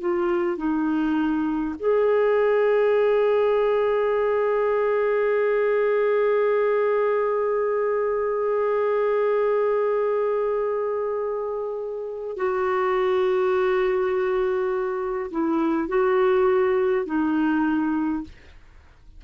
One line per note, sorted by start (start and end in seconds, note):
0.00 0.57 F4
0.57 1.75 D#4
1.79 12.36 G#4
12.36 15.30 F#4
15.31 15.88 E4
15.88 17.06 F#4
17.06 18.24 D#4